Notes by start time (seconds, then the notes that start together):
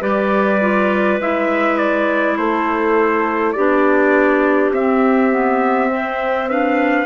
0.00 G3 G4 B4 D5
0.61 F4
1.20 G#3 E4 E5
1.78 D5
2.38 A3 A4 C5
3.53 B3 D4 G4 D5
4.71 C4 E5
4.77 C4
5.32 B3
5.90 C4 C5
6.49 D4 B4 F5